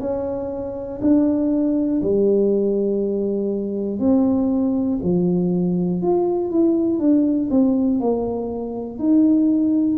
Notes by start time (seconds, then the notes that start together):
0.00 C#4
1.00 D4
2.01 G3
3.99 C4
5.03 F3
6.02 F4
6.50 E4
6.99 D4
7.50 C4
8.00 A#3
8.98 D#4